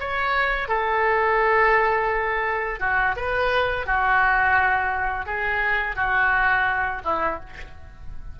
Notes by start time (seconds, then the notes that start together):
0.00 C#5
0.68 A4
2.80 F#4
3.16 B4
3.86 F#4
5.26 G#4
5.96 F#4
7.05 E4